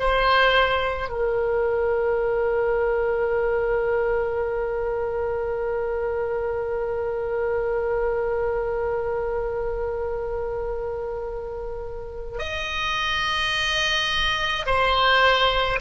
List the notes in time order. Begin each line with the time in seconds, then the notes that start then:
0.00 C5
1.10 A#4
12.40 D#5
14.67 C5